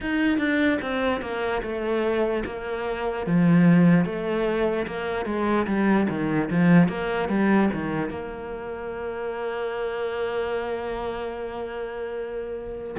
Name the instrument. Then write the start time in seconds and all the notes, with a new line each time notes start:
cello
0.00 D#4
0.38 D4
0.81 C4
1.21 A#3
1.62 A3
2.45 A#3
3.26 F3
4.05 A3
4.86 A#3
5.25 G#3
5.66 G3
6.08 D#3
6.50 F3
6.88 A#3
7.29 G3
7.72 D#3
8.09 A#3